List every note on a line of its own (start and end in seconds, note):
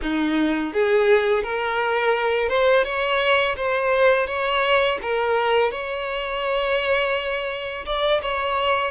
0.02 0.73 D#4
0.73 1.43 G#4
1.43 2.48 A#4
2.48 2.84 C5
2.84 3.55 C#5
3.56 4.27 C5
4.27 4.98 C#5
5.02 5.71 A#4
5.71 7.85 C#5
7.85 8.21 D5
8.21 8.91 C#5